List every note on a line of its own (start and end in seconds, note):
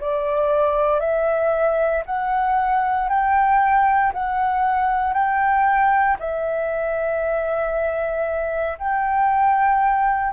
0.00 1.00 D5
1.00 2.03 E5
2.06 3.09 F#5
3.09 4.12 G5
4.13 5.13 F#5
5.13 6.17 G5
6.20 8.78 E5
8.78 10.33 G5